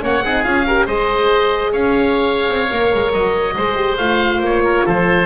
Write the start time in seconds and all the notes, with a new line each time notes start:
0.00 A#3 C#4 C#5 F#5
0.23 C4 D#4 G#4
0.44 C#4 F4 F5
0.67 G4 A#4
0.86 G#3 G#4 C5 D#5
1.72 C#4 C#5 F5
2.48 C4
2.70 A#3 A#4
2.94 G#3
3.13 F#3 D#5
3.56 G#3 G#4 C5
3.75 G4
3.97 A3 F4 F5
4.40 A#3 C#5
4.64 A#4
4.85 F3 A4 C5